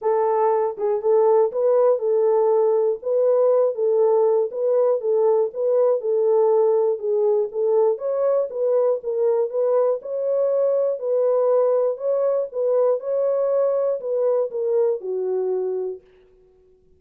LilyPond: \new Staff \with { instrumentName = "horn" } { \time 4/4 \tempo 4 = 120 a'4. gis'8 a'4 b'4 | a'2 b'4. a'8~ | a'4 b'4 a'4 b'4 | a'2 gis'4 a'4 |
cis''4 b'4 ais'4 b'4 | cis''2 b'2 | cis''4 b'4 cis''2 | b'4 ais'4 fis'2 | }